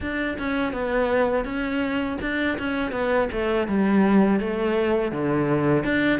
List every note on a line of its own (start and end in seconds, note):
0.00 0.37 D4
0.38 0.72 C#4
0.72 1.44 B3
1.44 2.18 C#4
2.21 2.57 D4
2.58 2.91 C#4
2.91 3.28 B3
3.31 3.68 A3
3.68 4.40 G3
4.40 5.12 A3
5.12 5.84 D3
5.84 6.19 D4